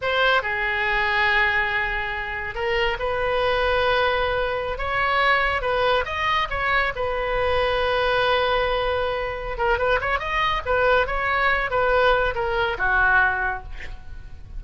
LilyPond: \new Staff \with { instrumentName = "oboe" } { \time 4/4 \tempo 4 = 141 c''4 gis'2.~ | gis'2 ais'4 b'4~ | b'2.~ b'16 cis''8.~ | cis''4~ cis''16 b'4 dis''4 cis''8.~ |
cis''16 b'2.~ b'8.~ | b'2~ b'8 ais'8 b'8 cis''8 | dis''4 b'4 cis''4. b'8~ | b'4 ais'4 fis'2 | }